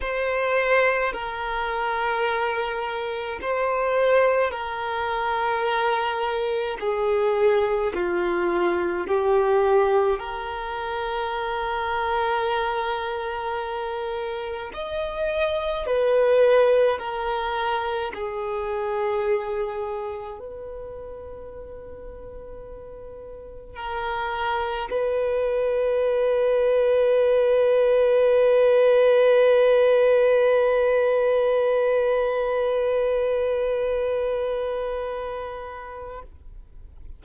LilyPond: \new Staff \with { instrumentName = "violin" } { \time 4/4 \tempo 4 = 53 c''4 ais'2 c''4 | ais'2 gis'4 f'4 | g'4 ais'2.~ | ais'4 dis''4 b'4 ais'4 |
gis'2 b'2~ | b'4 ais'4 b'2~ | b'1~ | b'1 | }